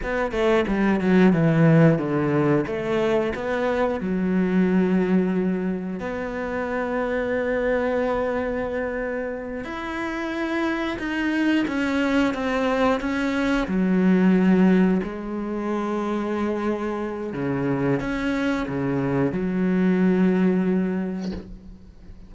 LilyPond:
\new Staff \with { instrumentName = "cello" } { \time 4/4 \tempo 4 = 90 b8 a8 g8 fis8 e4 d4 | a4 b4 fis2~ | fis4 b2.~ | b2~ b8 e'4.~ |
e'8 dis'4 cis'4 c'4 cis'8~ | cis'8 fis2 gis4.~ | gis2 cis4 cis'4 | cis4 fis2. | }